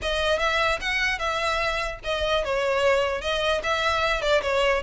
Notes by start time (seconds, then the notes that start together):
0.01 D#5
0.39 E5
0.80 F#5
1.18 E5
2.04 D#5
2.44 C#5
3.21 D#5
3.63 E5
4.21 D5
4.42 C#5